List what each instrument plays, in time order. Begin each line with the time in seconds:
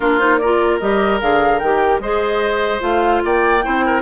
0.00 bassoon A#3, clarinet D4, oboe F4, flute A#4
0.19 clarinet D#4, flute C5
0.38 clarinet F4, oboe A#4, flute D5
0.79 bassoon G3, clarinet G4, flute D#5
1.20 bassoon D3, clarinet G#4, flute F5
1.59 bassoon D#3, clarinet G4, flute G5
1.99 bassoon G#3, clarinet G#4, oboe C5, flute D#5
2.79 bassoon A3, clarinet F4, flute F5
3.24 bassoon A#3, oboe D5, flute G5
3.63 bassoon C4, clarinet E4, oboe C5
3.85 oboe A#4